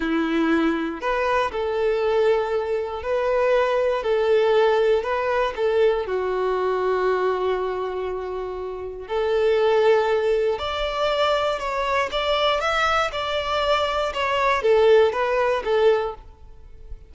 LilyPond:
\new Staff \with { instrumentName = "violin" } { \time 4/4 \tempo 4 = 119 e'2 b'4 a'4~ | a'2 b'2 | a'2 b'4 a'4 | fis'1~ |
fis'2 a'2~ | a'4 d''2 cis''4 | d''4 e''4 d''2 | cis''4 a'4 b'4 a'4 | }